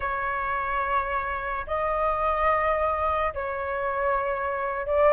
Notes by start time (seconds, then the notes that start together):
0.00 C#5
1.67 D#5
3.34 C#5
4.86 D5